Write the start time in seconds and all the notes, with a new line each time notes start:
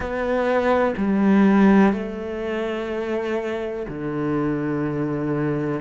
0.00 B3
0.97 G3
1.92 A3
3.88 D3